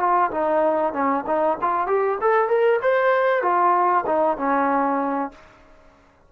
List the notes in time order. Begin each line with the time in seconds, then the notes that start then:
0.00 F4
0.32 D#4
0.93 C#4
1.27 D#4
1.62 F4
1.88 G4
2.21 A4
2.49 A#4
2.82 C5
3.43 F4
4.07 D#4
4.38 C#4